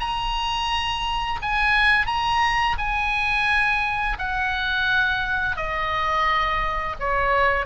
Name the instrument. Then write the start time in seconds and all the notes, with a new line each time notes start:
oboe
0.00 A#5
1.42 G#5
2.06 A#5
2.78 G#5
4.18 F#5
5.56 D#5
7.00 C#5